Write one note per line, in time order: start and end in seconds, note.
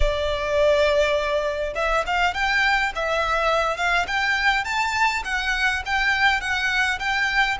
0.00 1.73 D5
1.75 2.04 E5
2.06 2.34 F5
2.34 2.92 G5
2.95 3.77 E5
3.77 4.06 F5
4.07 4.64 G5
4.64 5.22 A5
5.24 5.82 F#5
5.85 6.40 G5
6.40 6.98 F#5
6.99 7.57 G5